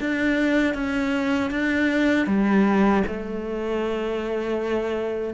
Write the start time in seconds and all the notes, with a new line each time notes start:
0.00 D4
0.74 C#4
1.50 D4
2.26 G3
3.07 A3